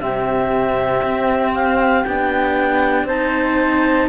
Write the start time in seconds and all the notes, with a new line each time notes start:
0.00 C3 C4 G4 E5
1.03 C4
1.54 F5
2.04 B3 D4 G5
3.04 C4 D#4 C5 A5